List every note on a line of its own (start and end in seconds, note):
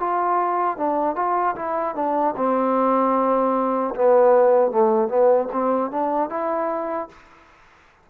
0.00 0.78 F4
0.78 1.16 D4
1.16 1.55 F4
1.56 1.96 E4
1.96 2.35 D4
2.37 3.95 C4
3.95 4.72 B3
4.72 5.09 A3
5.09 5.48 B3
5.53 5.91 C4
5.91 6.30 D4
6.30 7.09 E4